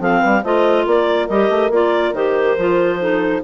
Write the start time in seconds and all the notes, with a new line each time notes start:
0.00 F3 C4 A4 F5
0.20 G3 B4
0.43 A3 F4 C5 D#5
0.87 A#3 A#4 D5
1.29 G3 G4 D#5
1.50 A3
1.70 A#3 F4 D5
2.14 D#3 G4 C5
2.58 F3 F4
3.00 D#4 A4